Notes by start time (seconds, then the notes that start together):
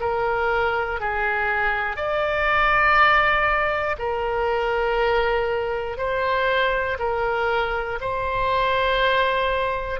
0.00 A#4
1.00 G#4
1.96 D5
3.98 A#4
5.97 C5
6.99 A#4
8.00 C5